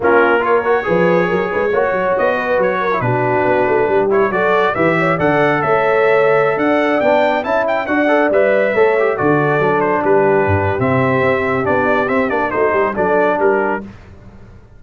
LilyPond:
<<
  \new Staff \with { instrumentName = "trumpet" } { \time 4/4 \tempo 4 = 139 ais'4 cis''2.~ | cis''4 dis''4 cis''4 b'4~ | b'4. cis''8 d''4 e''4 | fis''4 e''2~ e''16 fis''8.~ |
fis''16 g''4 a''8 g''8 fis''4 e''8.~ | e''4~ e''16 d''4. c''8 b'8.~ | b'4 e''2 d''4 | e''8 d''8 c''4 d''4 ais'4 | }
  \new Staff \with { instrumentName = "horn" } { \time 4/4 f'4 ais'4 b'4 ais'8 b'8 | cis''4. b'4 ais'8 fis'4~ | fis'4 g'4 a'4 b'8 cis''8 | d''4 cis''2~ cis''16 d''8.~ |
d''4~ d''16 e''4 d''4.~ d''16~ | d''16 cis''4 a'2 g'8.~ | g'1~ | g'4 fis'8 g'8 a'4 g'4 | }
  \new Staff \with { instrumentName = "trombone" } { \time 4/4 cis'4 f'8 fis'8 gis'2 | fis'2~ fis'8. e'16 d'4~ | d'4. e'8 fis'4 g'4 | a'1~ |
a'16 d'4 e'4 fis'8 a'8 b'8.~ | b'16 a'8 g'8 fis'4 d'4.~ d'16~ | d'4 c'2 d'4 | c'8 d'8 dis'4 d'2 | }
  \new Staff \with { instrumentName = "tuba" } { \time 4/4 ais2 f4 fis8 gis8 | ais8 fis8 b4 fis4 b,4 | b8 a8 g4 fis4 e4 | d4 a2~ a16 d'8.~ |
d'16 b4 cis'4 d'4 g8.~ | g16 a4 d4 fis4 g8.~ | g16 g,8. c4 c'4 b4 | c'8 ais8 a8 g8 fis4 g4 | }
>>